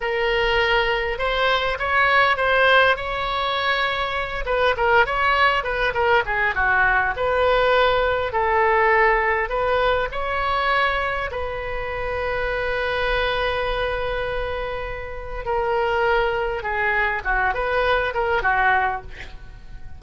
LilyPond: \new Staff \with { instrumentName = "oboe" } { \time 4/4 \tempo 4 = 101 ais'2 c''4 cis''4 | c''4 cis''2~ cis''8 b'8 | ais'8 cis''4 b'8 ais'8 gis'8 fis'4 | b'2 a'2 |
b'4 cis''2 b'4~ | b'1~ | b'2 ais'2 | gis'4 fis'8 b'4 ais'8 fis'4 | }